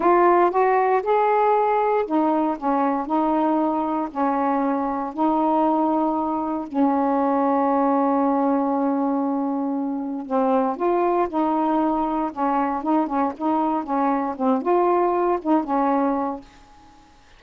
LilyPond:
\new Staff \with { instrumentName = "saxophone" } { \time 4/4 \tempo 4 = 117 f'4 fis'4 gis'2 | dis'4 cis'4 dis'2 | cis'2 dis'2~ | dis'4 cis'2.~ |
cis'1 | c'4 f'4 dis'2 | cis'4 dis'8 cis'8 dis'4 cis'4 | c'8 f'4. dis'8 cis'4. | }